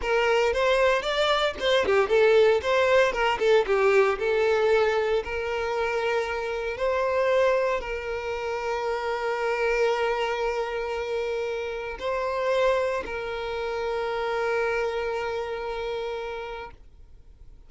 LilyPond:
\new Staff \with { instrumentName = "violin" } { \time 4/4 \tempo 4 = 115 ais'4 c''4 d''4 c''8 g'8 | a'4 c''4 ais'8 a'8 g'4 | a'2 ais'2~ | ais'4 c''2 ais'4~ |
ais'1~ | ais'2. c''4~ | c''4 ais'2.~ | ais'1 | }